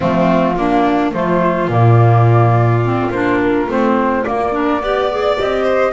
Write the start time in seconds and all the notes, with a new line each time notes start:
0.00 F3 A3 C4 F4
0.56 A#3 D4
1.13 F3 A3 F4 C5
1.68 A#2 A#3 D5
2.83 C4
3.10 A#3 D4 C5
3.42 A#4
3.68 A3 C4 C5
4.23 A#3 D5
4.51 D4 A#4
4.81 B3 G4 D5
5.11 G#4
5.37 C4 G4 D#5
5.63 C5